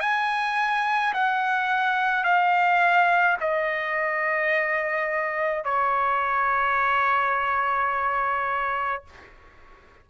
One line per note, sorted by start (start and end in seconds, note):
0.00 1.13 G#5
1.14 2.24 F#5
2.24 3.38 F5
3.41 5.65 D#5
5.65 9.04 C#5